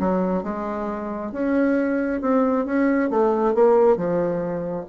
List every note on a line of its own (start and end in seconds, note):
0.00 0.43 F#3
0.43 1.32 G#3
1.33 2.21 C#4
2.22 2.66 C4
2.66 3.10 C#4
3.10 3.55 A3
3.55 3.97 A#3
3.97 4.86 F3